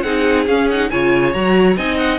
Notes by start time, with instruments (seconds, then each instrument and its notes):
0.00 cello C4, viola D#4, violin G#4 F#5
0.46 cello C#4, viola C#4, violin F5
0.70 viola D#4, violin F#5
0.90 cello C#3, viola F4, violin C#5 G#5
1.33 cello F#3, viola F#4, violin A#5
1.76 cello C4, viola D#4, violin D#5 G#5
1.97 violin F#5